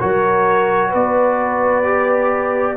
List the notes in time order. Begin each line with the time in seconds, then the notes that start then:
0.00 F#3 F#4 A#4 C#5
0.90 B3 B4 D5
1.85 G4